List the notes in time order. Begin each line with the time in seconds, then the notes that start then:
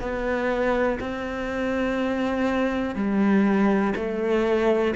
0.00 B3
1.00 C4
2.95 G3
3.96 A3